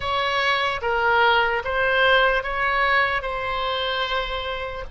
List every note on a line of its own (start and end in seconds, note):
0.00 0.80 C#5
0.81 1.62 A#4
1.64 2.43 C5
2.43 3.22 C#5
3.22 4.84 C5